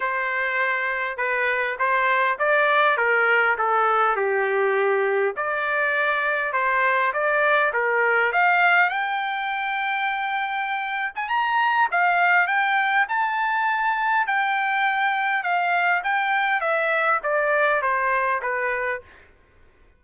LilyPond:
\new Staff \with { instrumentName = "trumpet" } { \time 4/4 \tempo 4 = 101 c''2 b'4 c''4 | d''4 ais'4 a'4 g'4~ | g'4 d''2 c''4 | d''4 ais'4 f''4 g''4~ |
g''2~ g''8. gis''16 ais''4 | f''4 g''4 a''2 | g''2 f''4 g''4 | e''4 d''4 c''4 b'4 | }